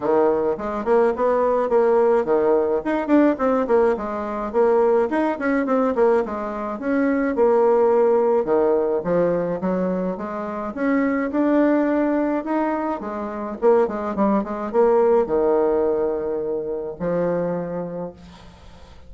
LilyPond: \new Staff \with { instrumentName = "bassoon" } { \time 4/4 \tempo 4 = 106 dis4 gis8 ais8 b4 ais4 | dis4 dis'8 d'8 c'8 ais8 gis4 | ais4 dis'8 cis'8 c'8 ais8 gis4 | cis'4 ais2 dis4 |
f4 fis4 gis4 cis'4 | d'2 dis'4 gis4 | ais8 gis8 g8 gis8 ais4 dis4~ | dis2 f2 | }